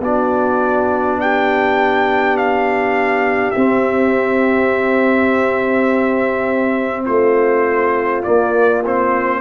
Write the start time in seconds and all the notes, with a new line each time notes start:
0.00 B3 D4 F#4 D5
1.21 G4 G5
2.38 F5
3.51 C4 E5
7.05 A3 F4 C5
8.24 A#3 D5
8.86 C4 C5